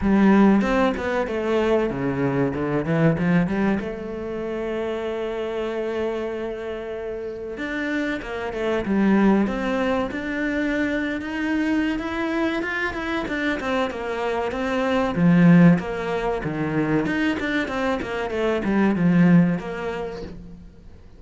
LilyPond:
\new Staff \with { instrumentName = "cello" } { \time 4/4 \tempo 4 = 95 g4 c'8 b8 a4 cis4 | d8 e8 f8 g8 a2~ | a1 | d'4 ais8 a8 g4 c'4 |
d'4.~ d'16 dis'4~ dis'16 e'4 | f'8 e'8 d'8 c'8 ais4 c'4 | f4 ais4 dis4 dis'8 d'8 | c'8 ais8 a8 g8 f4 ais4 | }